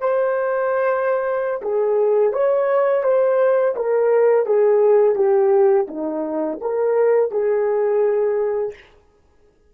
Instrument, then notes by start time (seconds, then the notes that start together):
horn
0.00 C5
1.62 G#4
2.32 C#5
3.03 C5
3.76 A#4
4.46 G#4
5.15 G4
5.88 D#4
6.61 A#4
7.31 G#4